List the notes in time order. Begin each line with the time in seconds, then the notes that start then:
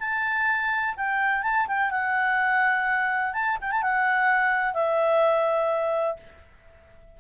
0.00 A5
0.97 G5
1.43 A5
1.68 G5
1.91 F#5
3.34 A5
3.61 G5
3.72 A5
3.83 F#5
4.74 E5